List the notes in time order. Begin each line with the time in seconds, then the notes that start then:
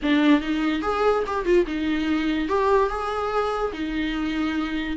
0.02 D4
0.40 D#4
0.82 G#4
1.26 G4
1.45 F4
1.66 D#4
2.48 G4
2.89 G#4
3.72 D#4